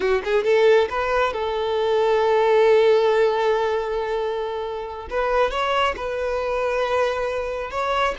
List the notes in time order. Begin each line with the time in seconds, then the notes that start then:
0.00 F#4
0.24 G#4
0.44 A4
0.89 B4
1.33 A4
5.10 B4
5.50 C#5
5.96 B4
7.70 C#5